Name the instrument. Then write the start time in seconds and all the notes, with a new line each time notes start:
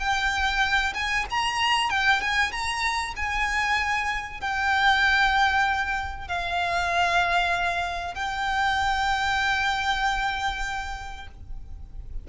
violin
0.00 G5
0.95 G#5
1.30 A#5
1.90 G5
2.22 G#5
2.52 A#5
3.17 G#5
4.41 G5
6.28 F5
8.15 G5